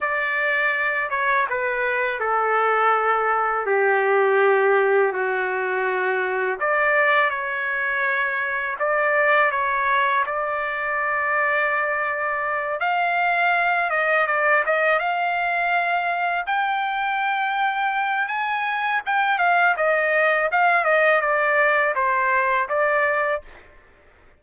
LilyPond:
\new Staff \with { instrumentName = "trumpet" } { \time 4/4 \tempo 4 = 82 d''4. cis''8 b'4 a'4~ | a'4 g'2 fis'4~ | fis'4 d''4 cis''2 | d''4 cis''4 d''2~ |
d''4. f''4. dis''8 d''8 | dis''8 f''2 g''4.~ | g''4 gis''4 g''8 f''8 dis''4 | f''8 dis''8 d''4 c''4 d''4 | }